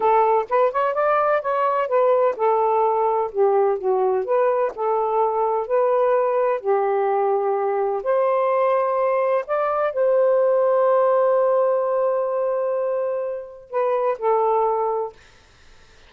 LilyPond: \new Staff \with { instrumentName = "saxophone" } { \time 4/4 \tempo 4 = 127 a'4 b'8 cis''8 d''4 cis''4 | b'4 a'2 g'4 | fis'4 b'4 a'2 | b'2 g'2~ |
g'4 c''2. | d''4 c''2.~ | c''1~ | c''4 b'4 a'2 | }